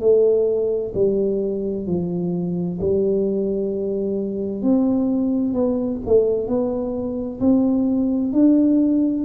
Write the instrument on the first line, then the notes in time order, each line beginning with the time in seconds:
tuba
0.00 A3
0.94 G3
1.87 F3
2.81 G3
4.62 C4
5.54 B3
6.06 A3
6.47 B3
7.40 C4
8.33 D4